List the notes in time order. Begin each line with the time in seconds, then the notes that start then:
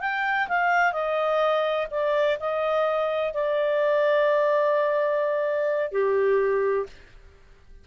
0.00 G5
0.48 F5
0.92 D#5
1.90 D5
2.39 D#5
3.33 D5
5.91 G4